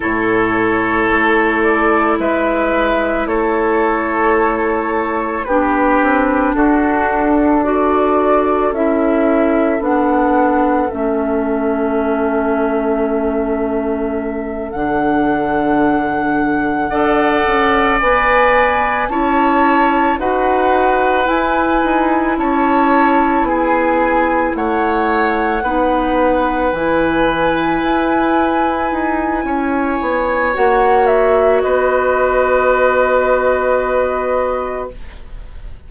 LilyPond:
<<
  \new Staff \with { instrumentName = "flute" } { \time 4/4 \tempo 4 = 55 cis''4. d''8 e''4 cis''4~ | cis''4 b'4 a'4 d''4 | e''4 fis''4 e''2~ | e''4. fis''2~ fis''8~ |
fis''8 gis''4 a''4 fis''4 gis''8~ | gis''8 a''4 gis''4 fis''4.~ | fis''8 gis''2.~ gis''8 | fis''8 e''8 dis''2. | }
  \new Staff \with { instrumentName = "oboe" } { \time 4/4 a'2 b'4 a'4~ | a'4 g'4 fis'4 a'4~ | a'1~ | a'2.~ a'8 d''8~ |
d''4. cis''4 b'4.~ | b'8 cis''4 gis'4 cis''4 b'8~ | b'2. cis''4~ | cis''4 b'2. | }
  \new Staff \with { instrumentName = "clarinet" } { \time 4/4 e'1~ | e'4 d'2 fis'4 | e'4 d'4 cis'2~ | cis'4. d'2 a'8~ |
a'8 b'4 e'4 fis'4 e'8~ | e'2.~ e'8 dis'8~ | dis'8 e'2.~ e'8 | fis'1 | }
  \new Staff \with { instrumentName = "bassoon" } { \time 4/4 a,4 a4 gis4 a4~ | a4 b8 c'8 d'2 | cis'4 b4 a2~ | a4. d2 d'8 |
cis'8 b4 cis'4 dis'4 e'8 | dis'8 cis'4 b4 a4 b8~ | b8 e4 e'4 dis'8 cis'8 b8 | ais4 b2. | }
>>